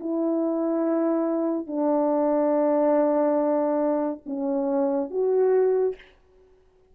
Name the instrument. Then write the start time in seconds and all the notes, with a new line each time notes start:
horn
0.00 E4
1.67 D4
4.26 C#4
5.10 F#4